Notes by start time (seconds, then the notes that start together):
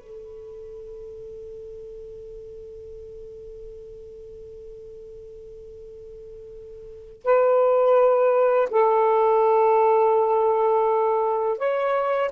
0.00 A4
7.24 B4
8.70 A4
11.58 C#5